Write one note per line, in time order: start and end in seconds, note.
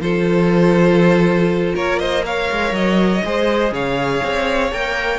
0.00 1.74 F3
0.00 2.22 F4
0.00 1.76 A4
0.00 1.76 C5
1.76 2.50 A#3
1.76 2.00 A#4
1.76 1.99 C#5
1.99 2.25 C5
1.99 2.24 D#5
2.22 3.21 A#4
2.22 3.26 C#5
2.22 2.75 F5
2.51 2.72 G#3
2.72 3.22 F#3
2.72 3.74 D#5
3.25 3.72 G#3
3.25 4.73 G#4
3.25 3.74 C5
3.72 4.21 C#3
3.72 5.19 C#5
3.72 4.73 F5
4.24 4.72 C4
4.72 5.19 A#3
4.72 5.19 A#4
4.72 5.19 G5